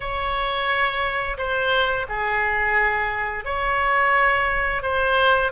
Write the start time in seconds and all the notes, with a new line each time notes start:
0.00 C#5
1.37 C5
2.08 G#4
3.45 C#5
4.82 C5